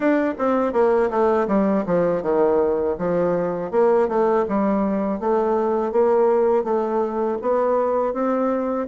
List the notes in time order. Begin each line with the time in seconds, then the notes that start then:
0.00 D4
0.38 C4
0.72 A#3
1.10 A3
1.47 G3
1.86 F3
2.22 D#3
2.98 F3
3.71 A#3
4.08 A3
4.48 G3
5.20 A3
5.92 A#3
6.63 A3
7.41 B3
8.13 C4